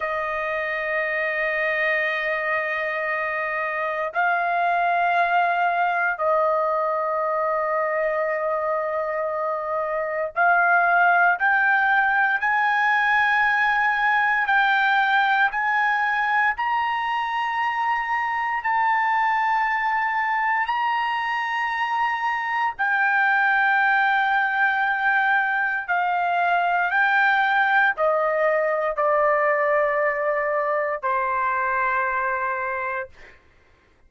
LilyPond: \new Staff \with { instrumentName = "trumpet" } { \time 4/4 \tempo 4 = 58 dis''1 | f''2 dis''2~ | dis''2 f''4 g''4 | gis''2 g''4 gis''4 |
ais''2 a''2 | ais''2 g''2~ | g''4 f''4 g''4 dis''4 | d''2 c''2 | }